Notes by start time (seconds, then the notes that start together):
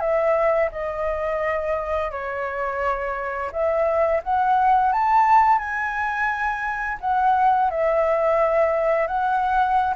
0.00 E5
0.72 D#5
2.11 C#5
3.52 E5
4.23 F#5
4.92 A5
5.58 G#5
7.01 F#5
7.70 E5
9.07 F#5